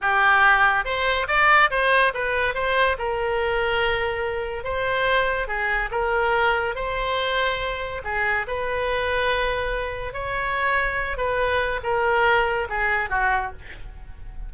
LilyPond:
\new Staff \with { instrumentName = "oboe" } { \time 4/4 \tempo 4 = 142 g'2 c''4 d''4 | c''4 b'4 c''4 ais'4~ | ais'2. c''4~ | c''4 gis'4 ais'2 |
c''2. gis'4 | b'1 | cis''2~ cis''8 b'4. | ais'2 gis'4 fis'4 | }